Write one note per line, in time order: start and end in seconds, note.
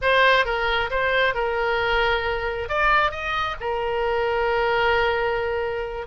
0.01 0.45 C5
0.45 0.90 A#4
0.90 1.34 C5
1.34 2.68 A#4
2.69 3.11 D5
3.11 3.56 D#5
3.60 6.07 A#4